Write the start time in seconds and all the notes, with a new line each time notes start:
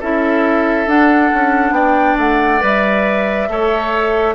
0.00 C#4 E4 A4 E5
0.87 D4 F#5
1.34 C#4
1.71 B3 D5 G5
2.17 A3 F#5
2.60 G3 B4 E5
3.48 A3 A4 C#5